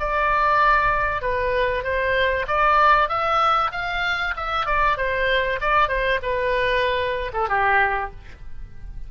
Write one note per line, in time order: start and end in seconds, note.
0.00 1.22 D5
1.22 1.84 B4
1.84 2.47 C5
2.48 3.09 D5
3.09 3.72 E5
3.72 4.35 F5
4.37 4.66 E5
4.66 4.97 D5
4.97 5.60 C5
5.61 5.89 D5
5.89 6.20 C5
6.23 7.32 B4
7.34 7.49 A4
7.49 8.11 G4